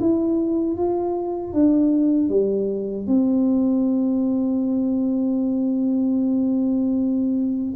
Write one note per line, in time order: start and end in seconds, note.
0.00 0.77 E4
0.77 1.53 F4
1.53 2.29 D4
2.29 3.07 G3
3.07 7.74 C4